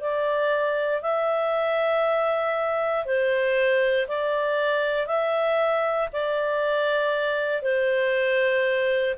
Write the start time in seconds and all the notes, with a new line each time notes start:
0.00 D5
1.02 E5
3.05 C5
4.07 D5
5.06 E5
6.12 D5
7.62 C5